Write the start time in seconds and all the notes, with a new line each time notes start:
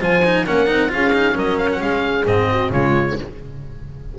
0.00 F3 F4 C5 G#5
0.25 D#4
0.46 A#3 C#4 A#4 F#5
0.67 C4 D#4
0.89 C#4 F4 G#4 F5
1.13 D#4
1.32 F#3 C#4 A#4 D#5
1.58 F5
1.72 F#5
1.81 G#3 G#4 F5
2.26 G#2 C4 D#5
2.52 F#4
2.71 C#3 G#3 F4 C#5